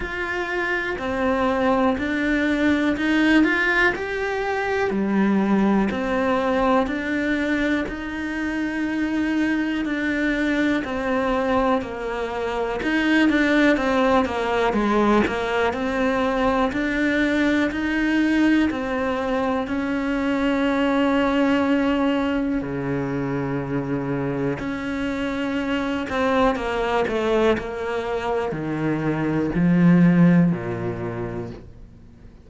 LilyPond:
\new Staff \with { instrumentName = "cello" } { \time 4/4 \tempo 4 = 61 f'4 c'4 d'4 dis'8 f'8 | g'4 g4 c'4 d'4 | dis'2 d'4 c'4 | ais4 dis'8 d'8 c'8 ais8 gis8 ais8 |
c'4 d'4 dis'4 c'4 | cis'2. cis4~ | cis4 cis'4. c'8 ais8 a8 | ais4 dis4 f4 ais,4 | }